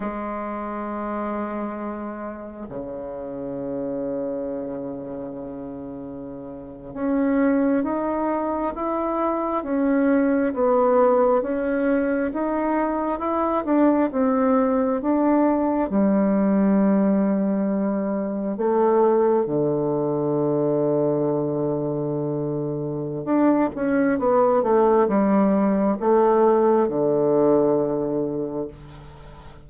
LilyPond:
\new Staff \with { instrumentName = "bassoon" } { \time 4/4 \tempo 4 = 67 gis2. cis4~ | cis2.~ cis8. cis'16~ | cis'8. dis'4 e'4 cis'4 b16~ | b8. cis'4 dis'4 e'8 d'8 c'16~ |
c'8. d'4 g2~ g16~ | g8. a4 d2~ d16~ | d2 d'8 cis'8 b8 a8 | g4 a4 d2 | }